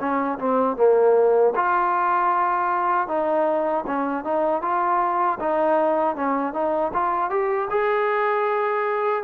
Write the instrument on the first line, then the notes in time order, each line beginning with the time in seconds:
trombone
0.00 C#4
0.39 C4
0.77 A#3
1.56 F4
3.08 D#4
3.87 C#4
4.24 D#4
4.62 F4
5.40 D#4
6.16 C#4
6.54 D#4
6.94 F4
7.30 G4
7.70 G#4